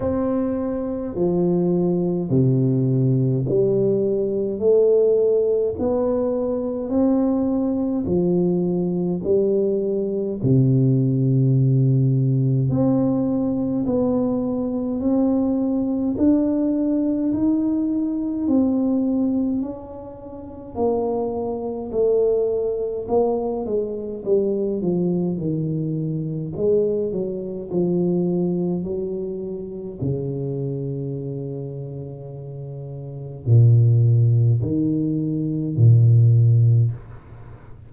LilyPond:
\new Staff \with { instrumentName = "tuba" } { \time 4/4 \tempo 4 = 52 c'4 f4 c4 g4 | a4 b4 c'4 f4 | g4 c2 c'4 | b4 c'4 d'4 dis'4 |
c'4 cis'4 ais4 a4 | ais8 gis8 g8 f8 dis4 gis8 fis8 | f4 fis4 cis2~ | cis4 ais,4 dis4 ais,4 | }